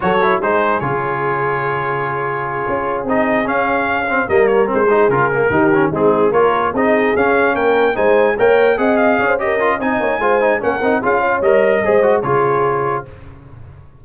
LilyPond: <<
  \new Staff \with { instrumentName = "trumpet" } { \time 4/4 \tempo 4 = 147 cis''4 c''4 cis''2~ | cis''2.~ cis''8 dis''8~ | dis''8 f''2 dis''8 cis''8 c''8~ | c''8 ais'2 gis'4 cis''8~ |
cis''8 dis''4 f''4 g''4 gis''8~ | gis''8 g''4 fis''8 f''4 dis''4 | gis''2 fis''4 f''4 | dis''2 cis''2 | }
  \new Staff \with { instrumentName = "horn" } { \time 4/4 a'4 gis'2.~ | gis'1~ | gis'2~ gis'8 ais'4. | gis'4. g'4 dis'4 ais'8~ |
ais'8 gis'2 ais'4 c''8~ | c''8 cis''4 dis''4 cis''16 c''16 ais'4 | dis''8 cis''8 c''4 ais'4 gis'8 cis''8~ | cis''4 c''4 gis'2 | }
  \new Staff \with { instrumentName = "trombone" } { \time 4/4 fis'8 e'8 dis'4 f'2~ | f'2.~ f'8 dis'8~ | dis'8 cis'4. c'8 ais4 c'8 | dis'8 f'8 ais8 dis'8 cis'8 c'4 f'8~ |
f'8 dis'4 cis'2 dis'8~ | dis'8 ais'4 gis'4. g'8 f'8 | dis'4 f'8 dis'8 cis'8 dis'8 f'4 | ais'4 gis'8 fis'8 f'2 | }
  \new Staff \with { instrumentName = "tuba" } { \time 4/4 fis4 gis4 cis2~ | cis2~ cis8 cis'4 c'8~ | c'8 cis'2 g4 gis8~ | gis8 cis4 dis4 gis4 ais8~ |
ais8 c'4 cis'4 ais4 gis8~ | gis8 ais4 c'4 cis'4. | c'8 ais8 gis4 ais8 c'8 cis'4 | g4 gis4 cis2 | }
>>